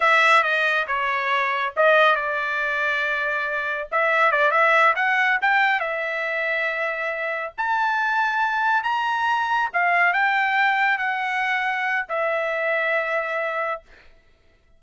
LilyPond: \new Staff \with { instrumentName = "trumpet" } { \time 4/4 \tempo 4 = 139 e''4 dis''4 cis''2 | dis''4 d''2.~ | d''4 e''4 d''8 e''4 fis''8~ | fis''8 g''4 e''2~ e''8~ |
e''4. a''2~ a''8~ | a''8 ais''2 f''4 g''8~ | g''4. fis''2~ fis''8 | e''1 | }